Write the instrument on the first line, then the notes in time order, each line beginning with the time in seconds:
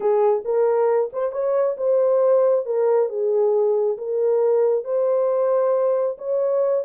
horn
0.00 G#4
0.44 A#4
1.12 C5
1.32 C#5
1.77 C5
2.65 A#4
3.09 G#4
3.97 A#4
4.84 C5
6.18 C#5